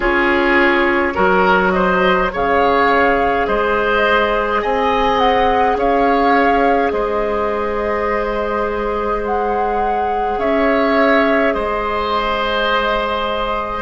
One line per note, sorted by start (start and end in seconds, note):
0.00 1.15 C#4
0.00 1.13 F4
0.00 1.13 G#4
0.00 1.71 C#5
1.13 2.32 F#3
1.13 2.29 F#4
1.13 1.72 A#4
1.71 2.32 C5
1.71 2.29 D#5
2.32 3.48 C#3
2.32 13.81 G#4
2.32 3.47 C#5
2.32 3.46 F5
3.46 4.63 G#3
3.46 4.61 C5
3.46 4.61 D#5
4.61 5.75 C4
4.61 5.77 D#5
4.61 5.18 G#5
5.18 5.76 F#5
5.75 6.91 C#4
5.75 6.92 C#5
5.75 6.91 F5
6.91 10.37 G#3
6.91 10.38 C5
6.91 9.21 D#5
9.25 10.39 F#5
10.37 11.53 C#4
10.37 11.54 C#5
10.37 11.53 E5
11.53 13.81 G#3
11.53 13.81 C5
11.53 13.81 D#5